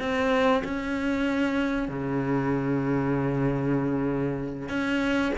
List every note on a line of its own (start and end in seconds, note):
0.00 0.63 C4
0.64 1.89 C#4
1.89 4.69 C#3
4.69 5.32 C#4